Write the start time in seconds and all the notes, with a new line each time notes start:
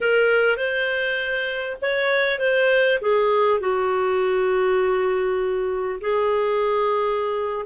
0.00 A#4
0.56 C5
1.81 C#5
2.39 C5
3.01 G#4
3.60 F#4
6.00 G#4